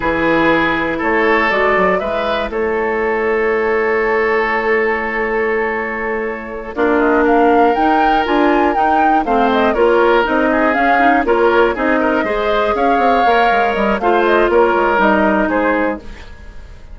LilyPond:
<<
  \new Staff \with { instrumentName = "flute" } { \time 4/4 \tempo 4 = 120 b'2 cis''4 d''4 | e''4 cis''2.~ | cis''1~ | cis''4. d''8 dis''8 f''4 g''8~ |
g''8 gis''4 g''4 f''8 dis''8 cis''8~ | cis''8 dis''4 f''4 cis''4 dis''8~ | dis''4. f''2 dis''8 | f''8 dis''8 cis''4 dis''4 c''4 | }
  \new Staff \with { instrumentName = "oboe" } { \time 4/4 gis'2 a'2 | b'4 a'2.~ | a'1~ | a'4. f'4 ais'4.~ |
ais'2~ ais'8 c''4 ais'8~ | ais'4 gis'4. ais'4 gis'8 | ais'8 c''4 cis''2~ cis''8 | c''4 ais'2 gis'4 | }
  \new Staff \with { instrumentName = "clarinet" } { \time 4/4 e'2. fis'4 | e'1~ | e'1~ | e'4. d'2 dis'8~ |
dis'8 f'4 dis'4 c'4 f'8~ | f'8 dis'4 cis'8 dis'8 f'4 dis'8~ | dis'8 gis'2 ais'4. | f'2 dis'2 | }
  \new Staff \with { instrumentName = "bassoon" } { \time 4/4 e2 a4 gis8 fis8 | gis4 a2.~ | a1~ | a4. ais2 dis'8~ |
dis'8 d'4 dis'4 a4 ais8~ | ais8 c'4 cis'4 ais4 c'8~ | c'8 gis4 cis'8 c'8 ais8 gis8 g8 | a4 ais8 gis8 g4 gis4 | }
>>